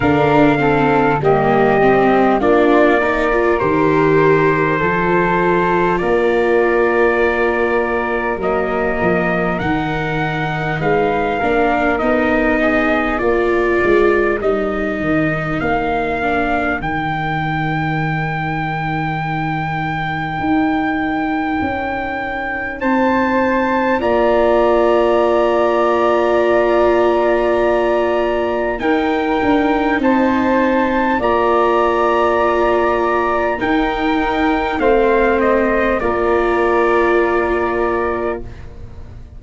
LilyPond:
<<
  \new Staff \with { instrumentName = "trumpet" } { \time 4/4 \tempo 4 = 50 f''4 dis''4 d''4 c''4~ | c''4 d''2 dis''4 | fis''4 f''4 dis''4 d''4 | dis''4 f''4 g''2~ |
g''2. a''4 | ais''1 | g''4 a''4 ais''2 | g''4 f''8 dis''8 d''2 | }
  \new Staff \with { instrumentName = "flute" } { \time 4/4 ais'8 a'8 g'4 f'8 ais'4. | a'4 ais'2.~ | ais'4 b'8 ais'4 gis'8 ais'4~ | ais'1~ |
ais'2. c''4 | d''1 | ais'4 c''4 d''2 | ais'4 c''4 ais'2 | }
  \new Staff \with { instrumentName = "viola" } { \time 4/4 d'8 c'8 ais8 c'8 d'8 dis'16 f'16 g'4 | f'2. ais4 | dis'4. d'8 dis'4 f'4 | dis'4. d'8 dis'2~ |
dis'1 | f'1 | dis'2 f'2 | dis'4 c'4 f'2 | }
  \new Staff \with { instrumentName = "tuba" } { \time 4/4 d4 g4 ais4 dis4 | f4 ais2 fis8 f8 | dis4 gis8 ais8 b4 ais8 gis8 | g8 dis8 ais4 dis2~ |
dis4 dis'4 cis'4 c'4 | ais1 | dis'8 d'8 c'4 ais2 | dis'4 a4 ais2 | }
>>